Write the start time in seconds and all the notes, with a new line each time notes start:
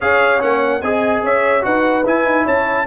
0.00 C#4 G#4 C#5 F5
0.39 A#3 C#4 F#5
0.81 C4 G#4 D#5 G#5
1.23 C#4 C#5 E5
1.61 D#4 F#4 B4 F#5
2.05 E4 G#5
2.25 D#4
2.43 C#4 C#5 A5